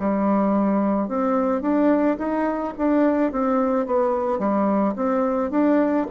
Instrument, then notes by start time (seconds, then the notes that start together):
bassoon
0.00 G3
1.09 C4
1.62 D4
2.18 D#4
2.78 D4
3.32 C4
3.86 B3
4.39 G3
4.96 C4
5.51 D4